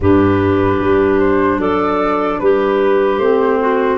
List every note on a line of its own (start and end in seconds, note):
0.00 0.79 G2
0.00 3.21 D4
0.00 1.59 G4
0.00 1.19 B4
0.79 1.58 G3
1.19 1.59 C5
1.58 2.38 F#3
1.58 2.39 A4
1.58 2.39 D5
2.39 3.17 G3
2.39 3.60 G4
2.39 3.18 B4
3.17 3.97 A3
3.17 3.98 C4
3.17 3.98 C5
3.60 3.98 F#4